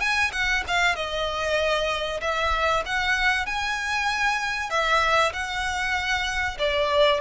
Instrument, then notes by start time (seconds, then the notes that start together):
violin
0.00 G#5
0.32 F#5
0.67 F5
0.95 D#5
2.21 E5
2.86 F#5
3.46 G#5
4.70 E5
5.33 F#5
6.59 D5